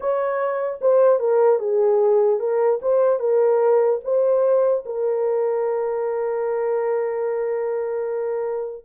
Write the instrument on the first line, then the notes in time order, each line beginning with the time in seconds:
horn
0.00 C#5
0.81 C5
1.19 A#4
1.59 G#4
2.39 A#4
2.82 C5
3.19 A#4
4.04 C5
4.85 A#4